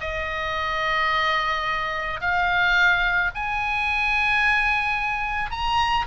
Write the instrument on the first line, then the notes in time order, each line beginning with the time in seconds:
oboe
0.00 D#5
2.20 F5
3.35 G#5
5.50 A#5